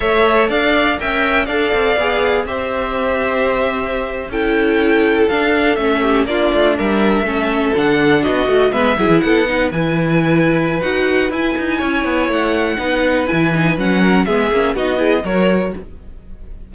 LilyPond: <<
  \new Staff \with { instrumentName = "violin" } { \time 4/4 \tempo 4 = 122 e''4 f''4 g''4 f''4~ | f''4 e''2.~ | e''8. g''2 f''4 e''16~ | e''8. d''4 e''2 fis''16~ |
fis''8. dis''4 e''4 fis''4 gis''16~ | gis''2 fis''4 gis''4~ | gis''4 fis''2 gis''4 | fis''4 e''4 dis''4 cis''4 | }
  \new Staff \with { instrumentName = "violin" } { \time 4/4 cis''4 d''4 e''4 d''4~ | d''4 c''2.~ | c''8. a'2.~ a'16~ | a'16 g'8 f'4 ais'4 a'4~ a'16~ |
a'8. fis'4 b'8 gis'8 a'8 b'8.~ | b'1 | cis''2 b'2~ | b'8 ais'8 gis'4 fis'8 gis'8 ais'4 | }
  \new Staff \with { instrumentName = "viola" } { \time 4/4 a'2 ais'4 a'4 | gis'4 g'2.~ | g'8. e'2 d'4 cis'16~ | cis'8. d'2 cis'4 d'16~ |
d'4~ d'16 fis'8 b8 e'4 dis'8 e'16~ | e'2 fis'4 e'4~ | e'2 dis'4 e'8 dis'8 | cis'4 b8 cis'8 dis'8 e'8 fis'4 | }
  \new Staff \with { instrumentName = "cello" } { \time 4/4 a4 d'4 cis'4 d'8 c'8 | b4 c'2.~ | c'8. cis'2 d'4 a16~ | a8. ais8 a8 g4 a4 d16~ |
d8. b8 a8 gis8 fis16 e16 b4 e16~ | e2 dis'4 e'8 dis'8 | cis'8 b8 a4 b4 e4 | fis4 gis8 ais8 b4 fis4 | }
>>